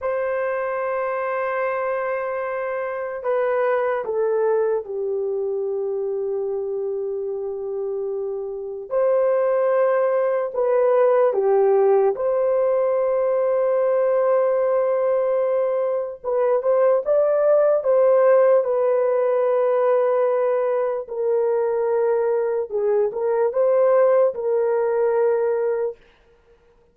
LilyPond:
\new Staff \with { instrumentName = "horn" } { \time 4/4 \tempo 4 = 74 c''1 | b'4 a'4 g'2~ | g'2. c''4~ | c''4 b'4 g'4 c''4~ |
c''1 | b'8 c''8 d''4 c''4 b'4~ | b'2 ais'2 | gis'8 ais'8 c''4 ais'2 | }